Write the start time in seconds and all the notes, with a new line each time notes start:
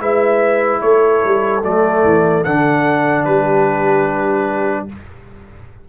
0.00 G#3 E4 B4 E5
0.82 A3 A4 C#5
1.25 G3
1.64 F#3 A3 D5
2.04 E3
2.44 D3 D4 F#5
3.25 G3 G4 B4